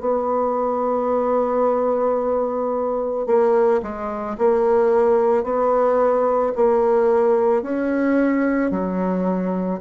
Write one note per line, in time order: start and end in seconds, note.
0.00 3.26 B3
3.26 3.81 A#3
3.82 4.37 G#3
4.38 5.43 A#3
5.43 6.53 B3
6.56 7.63 A#3
7.63 8.71 C#4
8.71 9.80 F#3